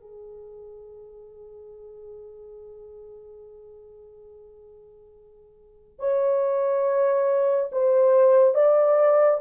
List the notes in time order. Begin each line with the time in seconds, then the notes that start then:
0.00 G#4
5.99 C#5
7.72 C5
8.54 D5